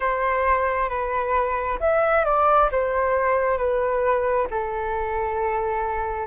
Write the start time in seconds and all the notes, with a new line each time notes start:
0.00 C5
0.89 B4
1.80 E5
2.24 D5
2.71 C5
3.57 B4
4.50 A4